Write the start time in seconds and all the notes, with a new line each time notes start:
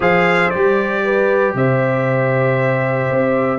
0.00 F3 G#4 C5 F5
0.50 G3 G4 D5
1.04 B4
1.54 C3 C5 E5
3.10 C4